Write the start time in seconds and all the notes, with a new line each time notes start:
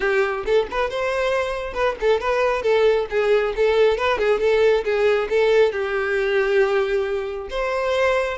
0.00 G4
0.45 A4
0.70 B4
0.89 C5
1.73 B4
2.00 A4
2.20 B4
2.62 A4
3.09 G#4
3.56 A4
3.97 B4
4.18 G#4
4.40 A4
4.84 G#4
5.29 A4
5.72 G4
7.49 C5